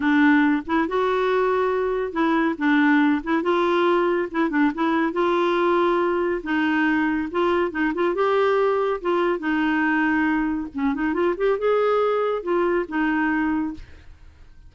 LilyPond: \new Staff \with { instrumentName = "clarinet" } { \time 4/4 \tempo 4 = 140 d'4. e'8 fis'2~ | fis'4 e'4 d'4. e'8 | f'2 e'8 d'8 e'4 | f'2. dis'4~ |
dis'4 f'4 dis'8 f'8 g'4~ | g'4 f'4 dis'2~ | dis'4 cis'8 dis'8 f'8 g'8 gis'4~ | gis'4 f'4 dis'2 | }